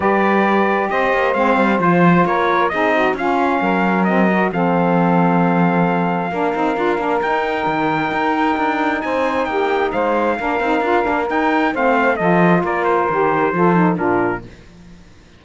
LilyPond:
<<
  \new Staff \with { instrumentName = "trumpet" } { \time 4/4 \tempo 4 = 133 d''2 dis''4 f''4 | c''4 cis''4 dis''4 f''4~ | f''4 dis''4 f''2~ | f''1 |
g''1 | gis''4 g''4 f''2~ | f''4 g''4 f''4 dis''4 | d''8 c''2~ c''8 ais'4 | }
  \new Staff \with { instrumentName = "saxophone" } { \time 4/4 b'2 c''2~ | c''4 ais'4 gis'8 fis'8 f'4 | ais'2 a'2~ | a'2 ais'2~ |
ais'1 | c''4 g'4 c''4 ais'4~ | ais'2 c''4 a'4 | ais'2 a'4 f'4 | }
  \new Staff \with { instrumentName = "saxophone" } { \time 4/4 g'2. c'4 | f'2 dis'4 cis'4~ | cis'4 c'8 fis'8 c'2~ | c'2 d'8 dis'8 f'8 d'8 |
dis'1~ | dis'2. d'8 dis'8 | f'8 d'8 dis'4 c'4 f'4~ | f'4 g'4 f'8 dis'8 d'4 | }
  \new Staff \with { instrumentName = "cello" } { \time 4/4 g2 c'8 ais8 gis8 g8 | f4 ais4 c'4 cis'4 | fis2 f2~ | f2 ais8 c'8 d'8 ais8 |
dis'4 dis4 dis'4 d'4 | c'4 ais4 gis4 ais8 c'8 | d'8 ais8 dis'4 a4 f4 | ais4 dis4 f4 ais,4 | }
>>